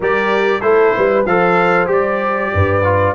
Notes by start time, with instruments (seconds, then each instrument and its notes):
0.00 tuba G3, trombone G4, horn A#4, trumpet D5
0.61 tuba A3, trombone E4, horn A4, trumpet C5
0.96 tuba G3, horn B4
1.25 tuba F3, trombone A4, horn C5, trumpet F5
1.86 tuba G3, trombone G4
1.92 trumpet D5
2.53 tuba G2, horn B4
2.83 trombone F4